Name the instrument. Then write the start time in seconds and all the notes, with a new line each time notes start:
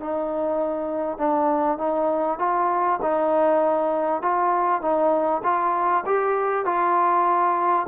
trombone
0.00 D#4
1.18 D4
1.78 D#4
2.39 F4
3.02 D#4
4.22 F4
4.82 D#4
5.44 F4
6.06 G4
6.65 F4